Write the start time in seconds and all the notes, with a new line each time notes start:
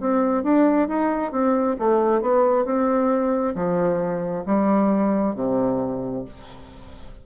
0.00 C4
0.43 D4
0.88 D#4
1.31 C4
1.79 A3
2.21 B3
2.65 C4
3.55 F3
4.46 G3
5.35 C3